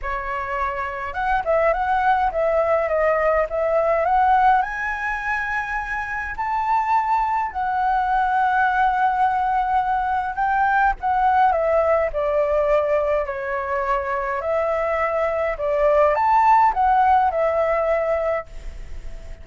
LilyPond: \new Staff \with { instrumentName = "flute" } { \time 4/4 \tempo 4 = 104 cis''2 fis''8 e''8 fis''4 | e''4 dis''4 e''4 fis''4 | gis''2. a''4~ | a''4 fis''2.~ |
fis''2 g''4 fis''4 | e''4 d''2 cis''4~ | cis''4 e''2 d''4 | a''4 fis''4 e''2 | }